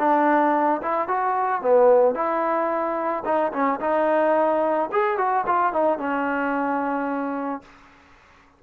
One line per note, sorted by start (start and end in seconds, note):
0.00 0.82 D4
0.82 1.09 E4
1.09 1.62 F#4
1.62 2.15 B3
2.15 3.24 E4
3.26 3.53 D#4
3.53 3.80 C#4
3.81 4.90 D#4
4.92 5.18 G#4
5.18 5.45 F#4
5.47 5.73 F4
5.73 5.99 D#4
5.99 7.62 C#4